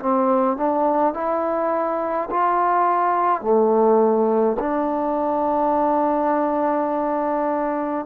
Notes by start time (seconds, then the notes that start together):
0.00 C4
0.57 D4
1.14 E4
2.30 F4
3.42 A3
4.60 D4